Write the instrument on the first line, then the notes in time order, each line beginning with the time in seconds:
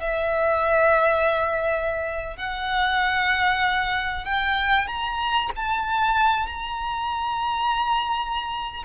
violin
0.00 E5
2.36 F#5
4.25 G5
4.87 A#5
5.56 A5
6.46 A#5